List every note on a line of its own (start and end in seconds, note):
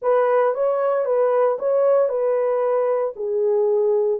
0.02 0.54 B4
0.54 1.05 C#5
1.05 1.57 B4
1.58 2.08 C#5
2.08 3.14 B4
3.16 4.20 G#4